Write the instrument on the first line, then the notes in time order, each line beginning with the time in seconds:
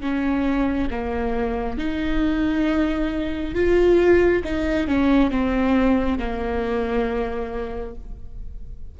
viola
0.00 C#4
0.90 A#3
1.78 D#4
3.54 F4
4.44 D#4
4.87 C#4
5.30 C4
6.18 A#3